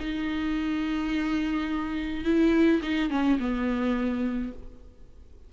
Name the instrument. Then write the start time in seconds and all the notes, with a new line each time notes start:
viola
0.00 D#4
2.25 E4
2.83 D#4
3.11 C#4
3.40 B3